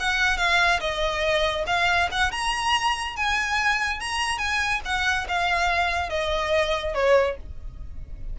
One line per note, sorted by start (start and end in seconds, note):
0.00 0.38 F#5
0.38 0.80 F5
0.80 1.65 D#5
1.67 2.09 F5
2.11 2.32 F#5
2.32 3.16 A#5
3.16 4.01 G#5
4.01 4.38 A#5
4.38 4.81 G#5
4.85 5.27 F#5
5.28 6.10 F5
6.10 6.94 D#5
6.94 7.37 C#5